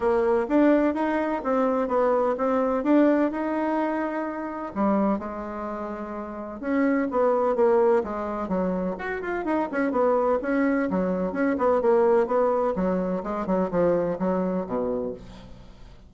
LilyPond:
\new Staff \with { instrumentName = "bassoon" } { \time 4/4 \tempo 4 = 127 ais4 d'4 dis'4 c'4 | b4 c'4 d'4 dis'4~ | dis'2 g4 gis4~ | gis2 cis'4 b4 |
ais4 gis4 fis4 fis'8 f'8 | dis'8 cis'8 b4 cis'4 fis4 | cis'8 b8 ais4 b4 fis4 | gis8 fis8 f4 fis4 b,4 | }